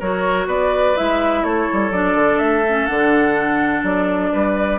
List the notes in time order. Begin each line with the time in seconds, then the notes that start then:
0.00 F#3 F#4 A#4 C#5
0.47 B3 B4 D5
0.95 G#3 E4 E5
1.44 A3 A4 C#5
1.73 G3
1.91 F#3 D4 D5
2.15 D3
2.39 A3 E5
2.68 C#4
2.86 D3 D4 F#5
3.83 F#3 D5
4.32 G3 B4